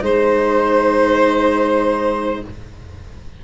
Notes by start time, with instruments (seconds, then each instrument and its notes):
0.00 tuba G#3, cello D#4, saxophone C5, violin C5